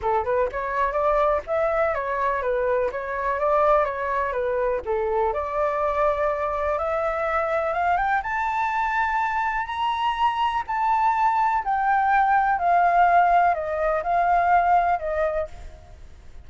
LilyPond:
\new Staff \with { instrumentName = "flute" } { \time 4/4 \tempo 4 = 124 a'8 b'8 cis''4 d''4 e''4 | cis''4 b'4 cis''4 d''4 | cis''4 b'4 a'4 d''4~ | d''2 e''2 |
f''8 g''8 a''2. | ais''2 a''2 | g''2 f''2 | dis''4 f''2 dis''4 | }